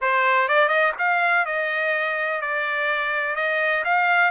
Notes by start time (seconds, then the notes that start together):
0.01 C5
0.48 D5
0.68 D#5
0.98 F5
1.45 D#5
2.41 D5
3.35 D#5
3.84 F5